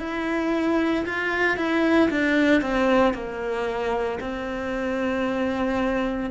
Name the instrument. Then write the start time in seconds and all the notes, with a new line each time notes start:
cello
0.00 E4
1.06 F4
1.57 E4
2.11 D4
2.62 C4
3.14 A#3
4.21 C4